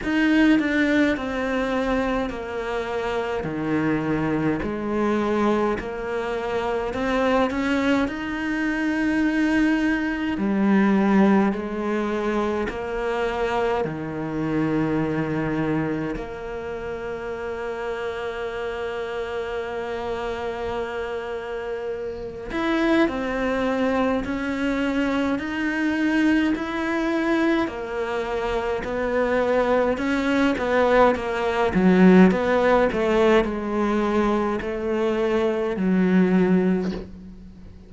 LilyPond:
\new Staff \with { instrumentName = "cello" } { \time 4/4 \tempo 4 = 52 dis'8 d'8 c'4 ais4 dis4 | gis4 ais4 c'8 cis'8 dis'4~ | dis'4 g4 gis4 ais4 | dis2 ais2~ |
ais2.~ ais8 e'8 | c'4 cis'4 dis'4 e'4 | ais4 b4 cis'8 b8 ais8 fis8 | b8 a8 gis4 a4 fis4 | }